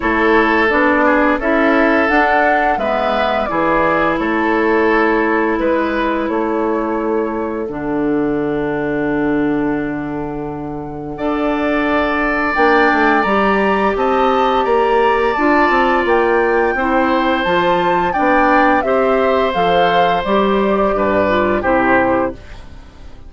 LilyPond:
<<
  \new Staff \with { instrumentName = "flute" } { \time 4/4 \tempo 4 = 86 cis''4 d''4 e''4 fis''4 | e''4 d''4 cis''2 | b'4 cis''2 fis''4~ | fis''1~ |
fis''2 g''4 ais''4 | a''4 ais''4 a''4 g''4~ | g''4 a''4 g''4 e''4 | f''4 d''2 c''4 | }
  \new Staff \with { instrumentName = "oboe" } { \time 4/4 a'4. gis'8 a'2 | b'4 gis'4 a'2 | b'4 a'2.~ | a'1 |
d''1 | dis''4 d''2. | c''2 d''4 c''4~ | c''2 b'4 g'4 | }
  \new Staff \with { instrumentName = "clarinet" } { \time 4/4 e'4 d'4 e'4 d'4 | b4 e'2.~ | e'2. d'4~ | d'1 |
a'2 d'4 g'4~ | g'2 f'2 | e'4 f'4 d'4 g'4 | a'4 g'4. f'8 e'4 | }
  \new Staff \with { instrumentName = "bassoon" } { \time 4/4 a4 b4 cis'4 d'4 | gis4 e4 a2 | gis4 a2 d4~ | d1 |
d'2 ais8 a8 g4 | c'4 ais4 d'8 c'8 ais4 | c'4 f4 b4 c'4 | f4 g4 g,4 c4 | }
>>